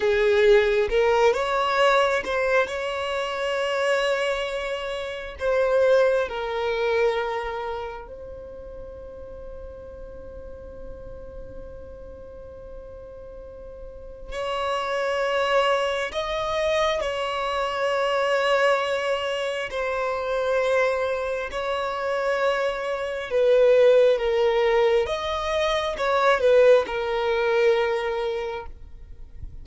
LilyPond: \new Staff \with { instrumentName = "violin" } { \time 4/4 \tempo 4 = 67 gis'4 ais'8 cis''4 c''8 cis''4~ | cis''2 c''4 ais'4~ | ais'4 c''2.~ | c''1 |
cis''2 dis''4 cis''4~ | cis''2 c''2 | cis''2 b'4 ais'4 | dis''4 cis''8 b'8 ais'2 | }